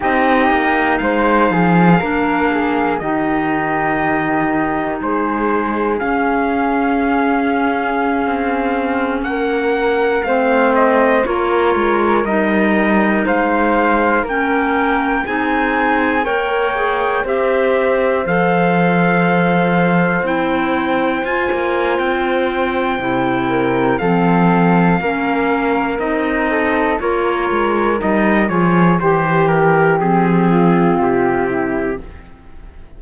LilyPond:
<<
  \new Staff \with { instrumentName = "trumpet" } { \time 4/4 \tempo 4 = 60 dis''4 f''2 dis''4~ | dis''4 c''4 f''2~ | f''4~ f''16 fis''4 f''8 dis''8 cis''8.~ | cis''16 dis''4 f''4 g''4 gis''8.~ |
gis''16 g''4 e''4 f''4.~ f''16~ | f''16 g''4 gis''8. g''2 | f''2 dis''4 cis''4 | dis''8 cis''8 c''8 ais'8 gis'4 g'4 | }
  \new Staff \with { instrumentName = "flute" } { \time 4/4 g'4 c''8 gis'8 ais'8 gis'8 g'4~ | g'4 gis'2.~ | gis'4~ gis'16 ais'4 c''4 ais'8.~ | ais'4~ ais'16 c''4 ais'4 gis'8.~ |
gis'16 cis''4 c''2~ c''8.~ | c''2.~ c''8 ais'8 | a'4 ais'4. a'8 ais'4~ | ais'8 gis'8 g'4. f'4 e'8 | }
  \new Staff \with { instrumentName = "clarinet" } { \time 4/4 dis'2 d'4 dis'4~ | dis'2 cis'2~ | cis'2~ cis'16 c'4 f'8.~ | f'16 dis'2 cis'4 dis'8.~ |
dis'16 ais'8 gis'8 g'4 a'4.~ a'16~ | a'16 e'4 f'4.~ f'16 e'4 | c'4 cis'4 dis'4 f'4 | dis'8 f'8 g'4 c'2 | }
  \new Staff \with { instrumentName = "cello" } { \time 4/4 c'8 ais8 gis8 f8 ais4 dis4~ | dis4 gis4 cis'2~ | cis'16 c'4 ais4 a4 ais8 gis16~ | gis16 g4 gis4 ais4 c'8.~ |
c'16 ais4 c'4 f4.~ f16~ | f16 c'4 f'16 ais8 c'4 c4 | f4 ais4 c'4 ais8 gis8 | g8 f8 e4 f4 c4 | }
>>